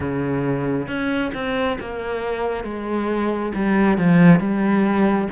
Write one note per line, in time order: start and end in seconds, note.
0.00 0.87 C#3
0.87 1.31 C#4
1.34 1.78 C4
1.80 2.64 A#3
2.64 3.52 G#3
3.55 3.97 G3
3.97 4.39 F3
4.39 5.27 G3